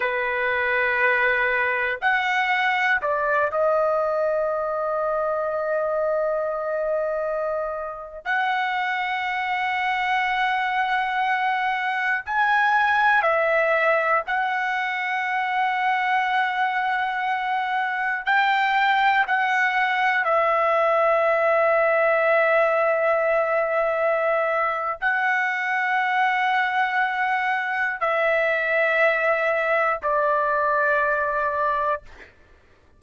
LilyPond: \new Staff \with { instrumentName = "trumpet" } { \time 4/4 \tempo 4 = 60 b'2 fis''4 d''8 dis''8~ | dis''1~ | dis''16 fis''2.~ fis''8.~ | fis''16 gis''4 e''4 fis''4.~ fis''16~ |
fis''2~ fis''16 g''4 fis''8.~ | fis''16 e''2.~ e''8.~ | e''4 fis''2. | e''2 d''2 | }